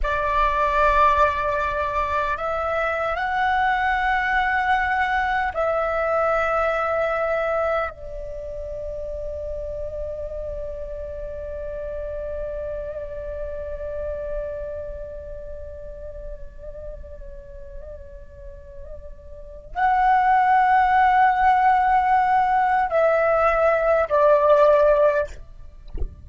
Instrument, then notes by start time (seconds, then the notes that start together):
flute
0.02 D5
2.37 E5
3.15 F#5
5.53 E5
7.89 D5
19.74 F#5
22.89 E5
24.08 D5